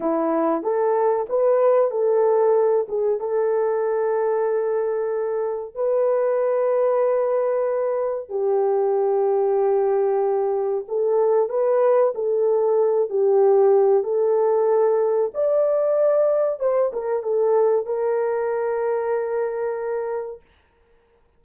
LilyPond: \new Staff \with { instrumentName = "horn" } { \time 4/4 \tempo 4 = 94 e'4 a'4 b'4 a'4~ | a'8 gis'8 a'2.~ | a'4 b'2.~ | b'4 g'2.~ |
g'4 a'4 b'4 a'4~ | a'8 g'4. a'2 | d''2 c''8 ais'8 a'4 | ais'1 | }